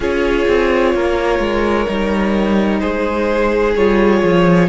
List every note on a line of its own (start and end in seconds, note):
0.00 0.45 C#4
0.00 1.86 F4
0.00 0.93 G#4
0.00 2.79 C#5
0.48 0.94 C4
0.94 1.39 A#3
0.94 2.80 A#4
1.39 1.86 G#3
1.86 2.82 G3
1.86 3.74 D#4
2.79 3.75 G#3
2.79 4.68 G#4
2.79 3.73 C5
3.75 4.22 G3
3.75 4.68 F4
3.75 4.68 C#5
4.23 4.68 F3